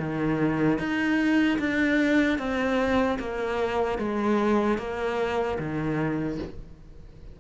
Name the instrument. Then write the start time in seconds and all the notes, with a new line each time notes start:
cello
0.00 D#3
0.79 D#4
1.59 D4
2.39 C4
3.20 A#3
3.99 G#3
4.79 A#3
5.59 D#3